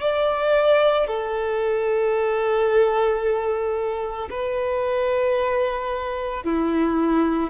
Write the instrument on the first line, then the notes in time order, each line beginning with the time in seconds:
violin
0.00 D5
1.07 A4
4.30 B4
6.44 E4